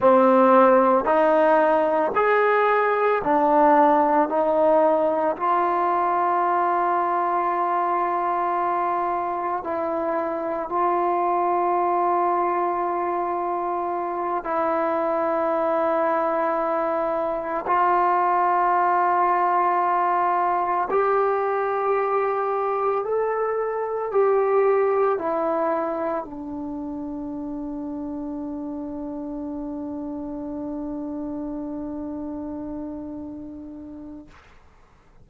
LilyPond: \new Staff \with { instrumentName = "trombone" } { \time 4/4 \tempo 4 = 56 c'4 dis'4 gis'4 d'4 | dis'4 f'2.~ | f'4 e'4 f'2~ | f'4. e'2~ e'8~ |
e'8 f'2. g'8~ | g'4. a'4 g'4 e'8~ | e'8 d'2.~ d'8~ | d'1 | }